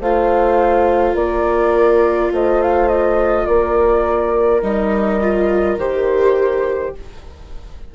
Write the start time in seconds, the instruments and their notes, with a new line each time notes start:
0.00 bassoon A3, viola F4, horn C5, flute F5
1.14 bassoon A#3, horn A#4, flute D5
2.31 bassoon A3, horn C5, flute D#5
2.62 flute F5
2.88 flute D#5
3.46 bassoon A#3, horn A#4, flute D5
4.62 bassoon G3, viola D#4, flute D#5
5.21 viola F4
5.77 bassoon D#3, viola G4, flute C5